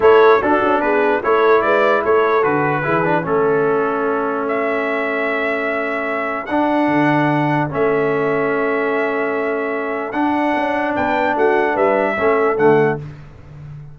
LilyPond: <<
  \new Staff \with { instrumentName = "trumpet" } { \time 4/4 \tempo 4 = 148 cis''4 a'4 b'4 cis''4 | d''4 cis''4 b'2 | a'2. e''4~ | e''1 |
fis''2. e''4~ | e''1~ | e''4 fis''2 g''4 | fis''4 e''2 fis''4 | }
  \new Staff \with { instrumentName = "horn" } { \time 4/4 a'4 fis'4 gis'4 a'4 | b'4 a'2 gis'4 | a'1~ | a'1~ |
a'1~ | a'1~ | a'2. b'4 | fis'4 b'4 a'2 | }
  \new Staff \with { instrumentName = "trombone" } { \time 4/4 e'4 d'2 e'4~ | e'2 fis'4 e'8 d'8 | cis'1~ | cis'1 |
d'2. cis'4~ | cis'1~ | cis'4 d'2.~ | d'2 cis'4 a4 | }
  \new Staff \with { instrumentName = "tuba" } { \time 4/4 a4 d'8 cis'8 b4 a4 | gis4 a4 d4 e4 | a1~ | a1 |
d'4 d2 a4~ | a1~ | a4 d'4 cis'4 b4 | a4 g4 a4 d4 | }
>>